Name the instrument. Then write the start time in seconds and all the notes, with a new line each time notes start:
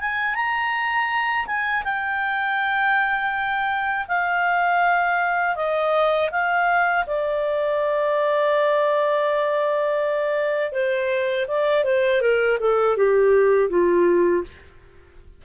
clarinet
0.00 G#5
0.34 A#5
1.46 G#5
1.84 G5
4.07 F5
5.56 D#5
6.31 F5
7.06 D5
10.72 C5
11.47 D5
11.84 C5
12.21 A#4
12.59 A4
12.97 G4
13.69 F4